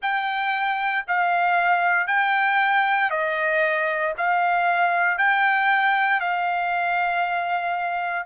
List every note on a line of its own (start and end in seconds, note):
0.01 1.05 G5
1.07 2.07 F5
2.07 3.10 G5
3.10 4.13 D#5
4.17 5.18 F5
5.18 6.20 G5
6.20 8.26 F5